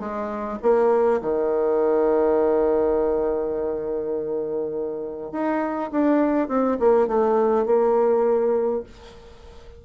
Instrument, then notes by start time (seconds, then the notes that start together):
bassoon
0.00 G#3
0.62 A#3
1.22 D#3
5.32 D#4
5.91 D4
6.48 C4
6.80 A#3
7.07 A3
7.66 A#3